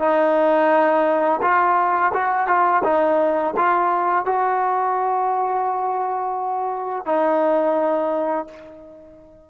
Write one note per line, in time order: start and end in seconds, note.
0.00 1.41 D#4
1.42 2.13 F4
2.14 2.48 F#4
2.48 2.83 F4
2.84 3.55 D#4
3.57 4.26 F4
4.26 7.06 F#4
7.06 8.47 D#4